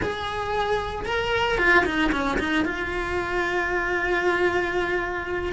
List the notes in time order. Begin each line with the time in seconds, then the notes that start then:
0.02 G#4
1.05 A#4
1.58 F4
1.85 D#4
2.11 C#4
2.38 D#4
2.64 F4